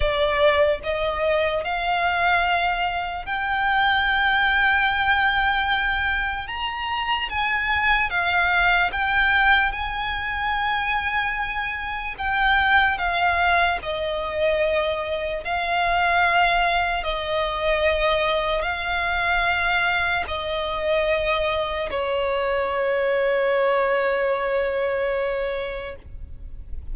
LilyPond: \new Staff \with { instrumentName = "violin" } { \time 4/4 \tempo 4 = 74 d''4 dis''4 f''2 | g''1 | ais''4 gis''4 f''4 g''4 | gis''2. g''4 |
f''4 dis''2 f''4~ | f''4 dis''2 f''4~ | f''4 dis''2 cis''4~ | cis''1 | }